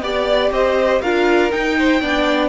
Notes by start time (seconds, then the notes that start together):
0.00 B3 G4 D5
0.51 C4 C5 D#5
1.01 D4 F4 A#4 F5
1.50 D#4 G5
1.78 C5
2.01 B3 D4 D5